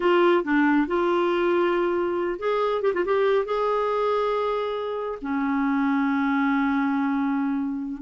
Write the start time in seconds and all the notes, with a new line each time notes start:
0.00 F4
0.44 D4
0.87 F4
2.39 G#4
2.82 G4
2.94 F4
3.05 G4
3.45 G#4
5.21 C#4